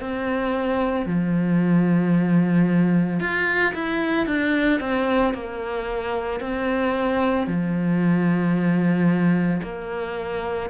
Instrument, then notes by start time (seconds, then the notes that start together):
cello
0.00 C4
1.06 F3
3.19 F4
3.74 E4
4.27 D4
4.80 C4
5.33 A#3
6.40 C4
7.47 F3
9.62 A#3